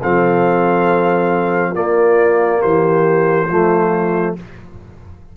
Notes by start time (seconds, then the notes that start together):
0.00 F3 C4 A4 F5
1.71 A#3 F4 D5
2.60 E3 G4 C5
3.47 F3 A3 F4